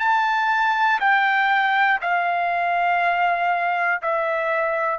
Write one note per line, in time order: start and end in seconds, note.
0.00 1.00 A5
1.00 2.00 G5
2.02 4.02 F5
4.03 5.00 E5